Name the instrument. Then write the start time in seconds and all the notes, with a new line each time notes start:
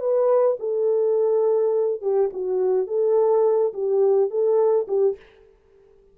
horn
0.00 B4
0.59 A4
2.02 G4
2.33 F#4
2.87 A4
3.73 G4
4.30 A4
4.88 G4